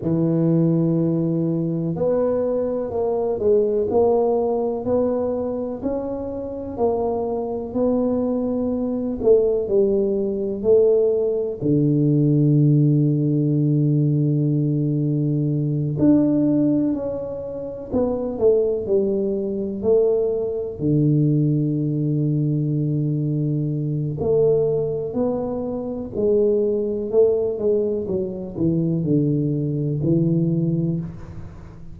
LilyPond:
\new Staff \with { instrumentName = "tuba" } { \time 4/4 \tempo 4 = 62 e2 b4 ais8 gis8 | ais4 b4 cis'4 ais4 | b4. a8 g4 a4 | d1~ |
d8 d'4 cis'4 b8 a8 g8~ | g8 a4 d2~ d8~ | d4 a4 b4 gis4 | a8 gis8 fis8 e8 d4 e4 | }